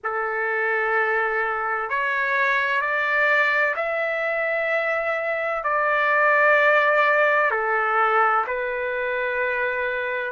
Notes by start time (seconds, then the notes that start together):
0.03 A4
1.89 C#5
2.81 D5
3.75 E5
5.63 D5
7.50 A4
8.46 B4